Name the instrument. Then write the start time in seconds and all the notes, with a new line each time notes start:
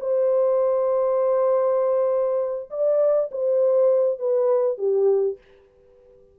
horn
0.00 C5
2.71 D5
3.32 C5
4.19 B4
4.78 G4